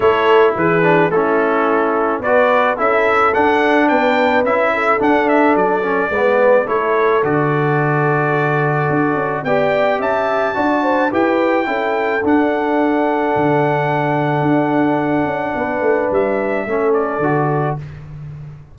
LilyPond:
<<
  \new Staff \with { instrumentName = "trumpet" } { \time 4/4 \tempo 4 = 108 cis''4 b'4 a'2 | d''4 e''4 fis''4 g''4 | e''4 fis''8 e''8 d''2 | cis''4 d''2.~ |
d''4 g''4 a''2 | g''2 fis''2~ | fis''1~ | fis''4 e''4. d''4. | }
  \new Staff \with { instrumentName = "horn" } { \time 4/4 a'4 gis'4 e'2 | b'4 a'2 b'4~ | b'8 a'2~ a'8 b'4 | a'1~ |
a'4 d''4 e''4 d''8 c''8 | b'4 a'2.~ | a'1 | b'2 a'2 | }
  \new Staff \with { instrumentName = "trombone" } { \time 4/4 e'4. d'8 cis'2 | fis'4 e'4 d'2 | e'4 d'4. cis'8 b4 | e'4 fis'2.~ |
fis'4 g'2 fis'4 | g'4 e'4 d'2~ | d'1~ | d'2 cis'4 fis'4 | }
  \new Staff \with { instrumentName = "tuba" } { \time 4/4 a4 e4 a2 | b4 cis'4 d'4 b4 | cis'4 d'4 fis4 gis4 | a4 d2. |
d'8 cis'8 b4 cis'4 d'4 | e'4 cis'4 d'2 | d2 d'4. cis'8 | b8 a8 g4 a4 d4 | }
>>